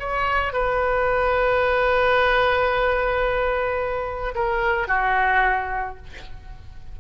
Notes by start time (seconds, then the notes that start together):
0.00 C#5
0.53 B4
4.35 A#4
4.88 F#4